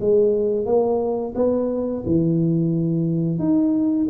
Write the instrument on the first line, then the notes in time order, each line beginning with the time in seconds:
tuba
0.00 G#3
0.65 A#3
1.35 B3
2.06 E3
3.39 D#4